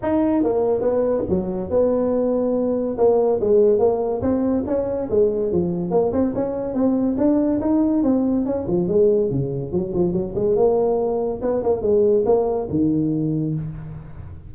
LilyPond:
\new Staff \with { instrumentName = "tuba" } { \time 4/4 \tempo 4 = 142 dis'4 ais4 b4 fis4 | b2. ais4 | gis4 ais4 c'4 cis'4 | gis4 f4 ais8 c'8 cis'4 |
c'4 d'4 dis'4 c'4 | cis'8 f8 gis4 cis4 fis8 f8 | fis8 gis8 ais2 b8 ais8 | gis4 ais4 dis2 | }